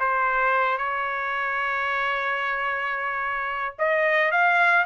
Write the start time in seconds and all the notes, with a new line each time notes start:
0.00 C5
0.78 C#5
3.79 D#5
4.32 F5